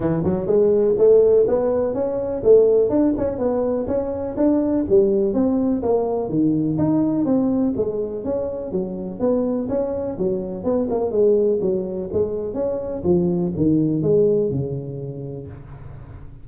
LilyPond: \new Staff \with { instrumentName = "tuba" } { \time 4/4 \tempo 4 = 124 e8 fis8 gis4 a4 b4 | cis'4 a4 d'8 cis'8 b4 | cis'4 d'4 g4 c'4 | ais4 dis4 dis'4 c'4 |
gis4 cis'4 fis4 b4 | cis'4 fis4 b8 ais8 gis4 | fis4 gis4 cis'4 f4 | dis4 gis4 cis2 | }